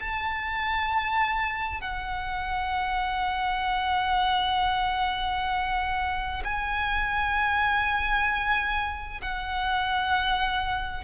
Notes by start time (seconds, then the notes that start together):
0.00 A5
1.81 F#5
6.44 G#5
9.21 F#5